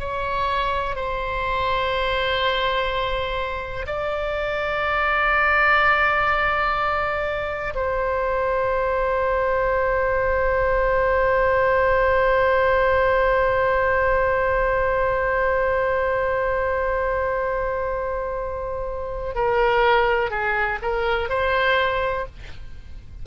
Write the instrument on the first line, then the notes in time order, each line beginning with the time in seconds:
oboe
0.00 C#5
0.96 C5
3.87 D5
7.75 C5
19.35 A#4
20.30 G#4
20.82 A#4
21.29 C5